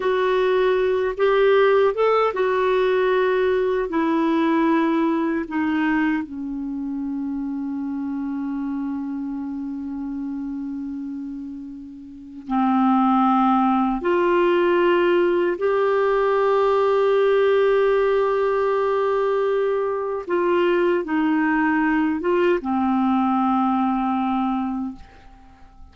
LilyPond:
\new Staff \with { instrumentName = "clarinet" } { \time 4/4 \tempo 4 = 77 fis'4. g'4 a'8 fis'4~ | fis'4 e'2 dis'4 | cis'1~ | cis'1 |
c'2 f'2 | g'1~ | g'2 f'4 dis'4~ | dis'8 f'8 c'2. | }